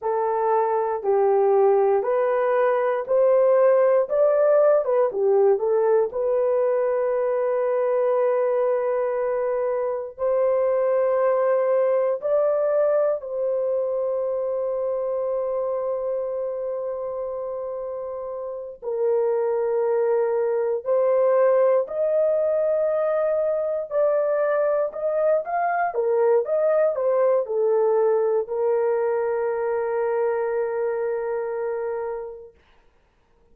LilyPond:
\new Staff \with { instrumentName = "horn" } { \time 4/4 \tempo 4 = 59 a'4 g'4 b'4 c''4 | d''8. b'16 g'8 a'8 b'2~ | b'2 c''2 | d''4 c''2.~ |
c''2~ c''8 ais'4.~ | ais'8 c''4 dis''2 d''8~ | d''8 dis''8 f''8 ais'8 dis''8 c''8 a'4 | ais'1 | }